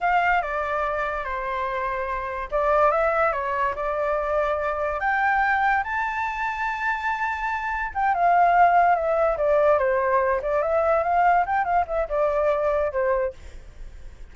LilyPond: \new Staff \with { instrumentName = "flute" } { \time 4/4 \tempo 4 = 144 f''4 d''2 c''4~ | c''2 d''4 e''4 | cis''4 d''2. | g''2 a''2~ |
a''2. g''8 f''8~ | f''4. e''4 d''4 c''8~ | c''4 d''8 e''4 f''4 g''8 | f''8 e''8 d''2 c''4 | }